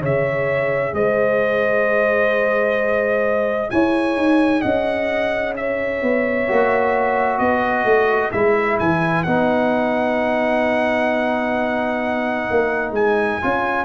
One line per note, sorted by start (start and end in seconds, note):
0.00 0.94 C#3
0.00 6.47 G#4
0.00 0.92 C#5
0.00 0.95 E5
0.94 3.71 G#3
0.94 3.72 C5
0.94 3.71 D#5
3.71 4.16 E4
3.71 4.62 C#5
3.71 4.62 G#5
4.16 4.62 D#4
4.62 6.03 C#4
4.62 5.54 D#5
4.62 5.54 F#5
5.57 7.42 C#5
5.57 7.39 E5
6.03 6.49 B3
6.48 7.41 A#3
6.48 8.33 F#4
7.39 7.85 B3
7.39 13.85 B4
7.39 8.31 D#5
7.85 8.31 A3
8.32 8.80 G#3
8.32 9.27 E4
8.32 8.78 E5
8.80 9.27 E3
8.80 9.24 G#5
9.24 12.50 B3
9.24 13.42 D#4
9.24 12.93 F#5
12.51 12.92 A#3
12.92 13.38 G#3
12.92 13.85 G#5
13.42 13.85 C#4
13.42 13.85 F4